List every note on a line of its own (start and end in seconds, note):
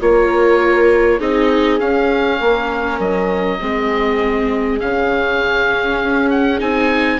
0.00 1.20 A#3
0.00 1.20 F4
0.00 1.18 A#4
0.00 1.21 C#5
1.18 1.80 C4
1.18 1.79 D#4
1.18 2.38 G#4
1.18 1.80 D#5
1.79 3.58 C#4
1.79 2.40 C#4
1.79 3.00 F5
2.40 2.99 A#3
2.40 3.60 A#4
2.99 3.59 F#3
2.99 4.80 D#5
3.59 4.81 G#3
3.59 4.79 C4
3.59 7.20 G#4
4.80 6.01 C#3
4.80 6.59 C#4
4.80 6.30 F5
6.01 6.61 C#4
6.30 6.60 F#5
6.59 7.20 C4
6.59 7.19 D#4
6.59 7.20 G#5